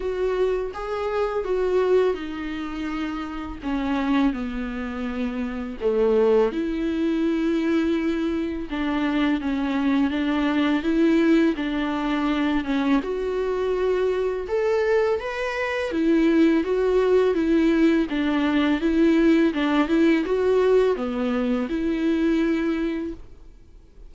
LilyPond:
\new Staff \with { instrumentName = "viola" } { \time 4/4 \tempo 4 = 83 fis'4 gis'4 fis'4 dis'4~ | dis'4 cis'4 b2 | a4 e'2. | d'4 cis'4 d'4 e'4 |
d'4. cis'8 fis'2 | a'4 b'4 e'4 fis'4 | e'4 d'4 e'4 d'8 e'8 | fis'4 b4 e'2 | }